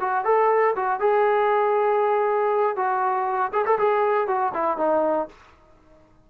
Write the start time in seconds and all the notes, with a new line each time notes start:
0.00 F#4
0.24 A4
0.75 F#4
1.00 G#4
2.76 F#4
3.52 G#4
3.65 A4
3.78 G#4
4.27 F#4
4.53 E4
4.77 D#4